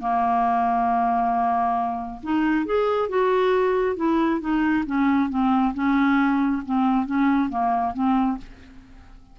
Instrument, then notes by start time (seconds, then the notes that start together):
clarinet
0.00 A#3
2.23 D#4
2.66 G#4
3.09 F#4
3.96 E4
4.41 D#4
4.86 C#4
5.30 C4
5.74 C#4
6.66 C4
7.06 C#4
7.50 A#3
7.94 C4